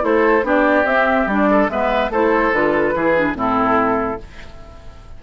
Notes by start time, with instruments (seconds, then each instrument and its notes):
0.00 bassoon A3, clarinet E4, oboe A4, flute C5
0.43 bassoon B3, clarinet D4, oboe G4, flute D5
0.84 bassoon C4, clarinet C4, flute E5
1.26 bassoon G3, clarinet D4, flute D5
1.50 oboe A4
1.68 bassoon G#3, clarinet B3, oboe B4, flute E5
2.09 bassoon A3, clarinet E4, oboe A4, flute C5
2.53 bassoon D3, clarinet F4, flute B4
2.94 bassoon E3, clarinet E4, oboe G#4
3.16 clarinet D4
3.34 bassoon A2, clarinet C4, oboe E4, flute A4